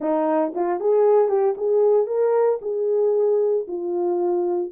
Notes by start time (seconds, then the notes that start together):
0.00 D#4
0.55 F4
0.80 G#4
1.28 G4
1.57 G#4
2.06 A#4
2.61 G#4
3.67 F4